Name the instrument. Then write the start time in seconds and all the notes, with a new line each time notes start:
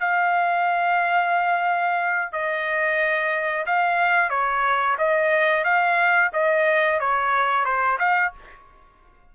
trumpet
0.00 F5
2.32 D#5
3.66 F5
4.30 C#5
4.98 D#5
5.65 F5
6.33 D#5
7.00 C#5
7.65 C5
7.99 F5